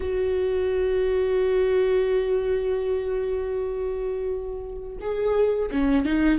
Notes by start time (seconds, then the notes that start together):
0.00 F#4
5.00 G#4
5.71 C#4
6.05 D#4